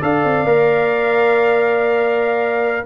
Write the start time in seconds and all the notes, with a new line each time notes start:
0.00 D4 A4 D5 F5
0.24 C4
0.44 A#3 A#4